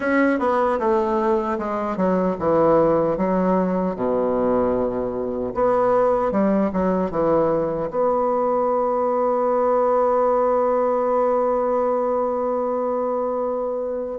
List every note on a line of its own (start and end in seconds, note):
0.00 0.39 C#4
0.39 0.78 B3
0.79 1.58 A3
1.58 1.96 G#3
1.96 2.36 F#3
2.39 3.17 E3
3.17 3.95 F#3
3.95 5.53 B2
5.54 6.31 B3
6.31 6.71 G3
6.72 7.11 F#3
7.11 7.89 E3
7.90 14.19 B3